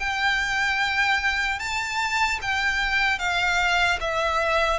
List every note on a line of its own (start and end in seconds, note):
0.00 1.60 G5
1.60 2.40 A5
2.42 3.19 G5
3.19 3.99 F5
4.01 4.79 E5